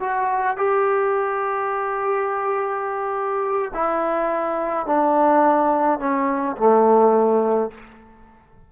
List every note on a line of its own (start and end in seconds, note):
0.00 0.57 F#4
0.57 3.71 G4
3.74 4.86 E4
4.86 5.99 D4
5.99 6.57 C#4
6.57 7.71 A3